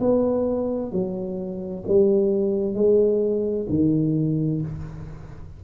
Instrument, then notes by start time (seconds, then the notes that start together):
tuba
0.00 B3
0.91 F#3
1.87 G3
2.74 G#3
3.69 D#3